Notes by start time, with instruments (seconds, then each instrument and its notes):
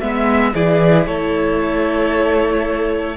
0.00 cello G#3, viola B3, violin E5
0.55 cello E3, viola E4, violin G#4 D5
1.07 cello A3, violin A4 C#5